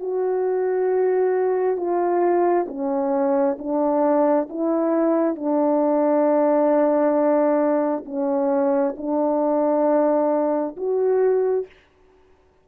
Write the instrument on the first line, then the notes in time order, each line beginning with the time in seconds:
horn
0.00 F#4
1.77 F4
2.68 C#4
3.59 D4
4.49 E4
5.36 D4
8.05 C#4
8.97 D4
10.77 F#4